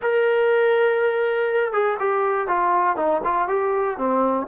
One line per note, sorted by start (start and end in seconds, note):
0.02 1.72 A#4
1.72 1.97 G#4
1.99 2.47 G4
2.47 2.96 F4
2.96 3.21 D#4
3.23 3.48 F4
3.48 3.97 G4
3.97 4.47 C4